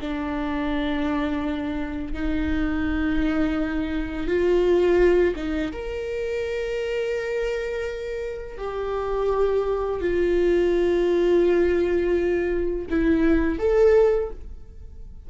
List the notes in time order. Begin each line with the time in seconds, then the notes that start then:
0.00 D4
2.13 D#4
4.27 F4
5.36 D#4
5.72 A#4
8.57 G4
10.00 F4
12.90 E4
13.58 A4